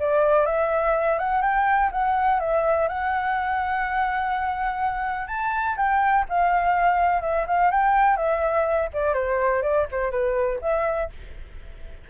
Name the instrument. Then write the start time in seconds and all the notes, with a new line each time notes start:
flute
0.00 D5
0.46 E5
1.19 F#5
1.42 G5
1.92 F#5
2.40 E5
2.89 F#5
5.28 A5
5.77 G5
6.30 F5
7.22 E5
7.47 F5
7.72 G5
8.17 E5
8.94 D5
9.14 C5
9.63 D5
9.92 C5
10.12 B4
10.62 E5